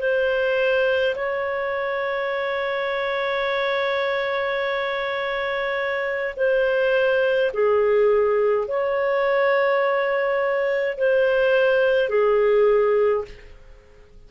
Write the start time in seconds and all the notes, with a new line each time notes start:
0.00 C5
1.15 C#5
6.36 C5
7.54 G#4
8.68 C#5
10.98 C5
12.09 G#4